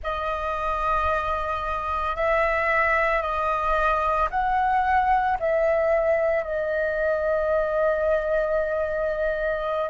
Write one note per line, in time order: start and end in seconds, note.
0.03 2.15 D#5
2.15 3.21 E5
3.21 4.29 D#5
4.30 5.37 F#5
5.39 6.43 E5
6.43 9.90 D#5